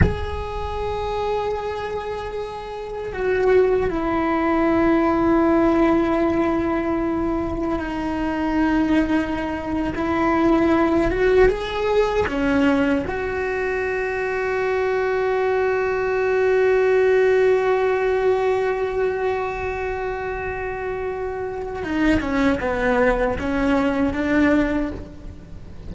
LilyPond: \new Staff \with { instrumentName = "cello" } { \time 4/4 \tempo 4 = 77 gis'1 | fis'4 e'2.~ | e'2 dis'2~ | dis'8. e'4. fis'8 gis'4 cis'16~ |
cis'8. fis'2.~ fis'16~ | fis'1~ | fis'1 | dis'8 cis'8 b4 cis'4 d'4 | }